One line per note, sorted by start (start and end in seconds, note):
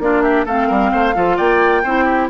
0.00 0.46 A#3
0.00 0.48 D4
0.00 0.23 F4
0.00 0.23 D5
0.23 0.46 G4
0.23 0.45 E5
0.46 0.70 A3
0.46 1.15 C4
0.46 0.68 A4
0.46 1.37 F5
0.68 0.93 G3
0.68 0.91 A#4
0.92 1.16 A3
0.92 1.15 C5
1.15 1.39 F3
1.15 1.84 F4
1.15 1.37 A4
1.37 1.84 A#3
1.37 1.83 D5
1.37 2.29 G5
1.83 2.30 C4
1.83 2.30 E4
1.83 2.05 C5
2.05 2.28 G4